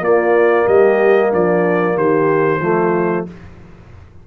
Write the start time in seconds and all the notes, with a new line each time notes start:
0.00 A#3 F4 D5
0.65 G3 G4 D#5
1.31 F3 D4 D5
1.96 D#3 G4 C5
2.59 F3 A3 F4